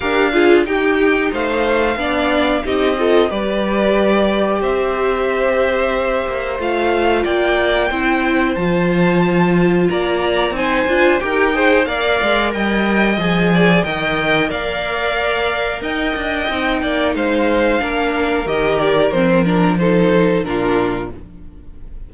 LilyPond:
<<
  \new Staff \with { instrumentName = "violin" } { \time 4/4 \tempo 4 = 91 f''4 g''4 f''2 | dis''4 d''2 e''4~ | e''2 f''4 g''4~ | g''4 a''2 ais''4 |
gis''4 g''4 f''4 g''4 | gis''4 g''4 f''2 | g''2 f''2 | dis''8 d''8 c''8 ais'8 c''4 ais'4 | }
  \new Staff \with { instrumentName = "violin" } { \time 4/4 ais'8 gis'8 g'4 c''4 d''4 | g'8 a'8 b'2 c''4~ | c''2. d''4 | c''2. d''4 |
c''4 ais'8 c''8 d''4 dis''4~ | dis''8 d''8 dis''4 d''2 | dis''4. d''8 c''4 ais'4~ | ais'2 a'4 f'4 | }
  \new Staff \with { instrumentName = "viola" } { \time 4/4 g'8 f'8 dis'2 d'4 | dis'8 f'8 g'2.~ | g'2 f'2 | e'4 f'2. |
dis'8 f'8 g'8 gis'8 ais'2 | gis'4 ais'2.~ | ais'4 dis'2 d'4 | g'4 c'8 d'8 dis'4 d'4 | }
  \new Staff \with { instrumentName = "cello" } { \time 4/4 d'4 dis'4 a4 b4 | c'4 g2 c'4~ | c'4. ais8 a4 ais4 | c'4 f2 ais4 |
c'8 d'8 dis'4 ais8 gis8 g4 | f4 dis4 ais2 | dis'8 d'8 c'8 ais8 gis4 ais4 | dis4 f2 ais,4 | }
>>